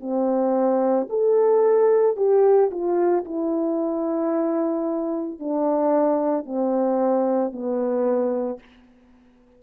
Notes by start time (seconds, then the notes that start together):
0.00 C4
1.09 A4
2.16 G4
2.70 F4
3.24 E4
5.39 D4
6.45 C4
7.52 B3